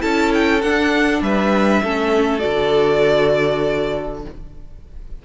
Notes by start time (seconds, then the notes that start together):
0.00 C#4 E4 A4 A5
0.34 G5
0.62 D4 F#5
1.22 G3 B4 E5
1.83 A3 C#4 A4
2.40 D3 F#4 D5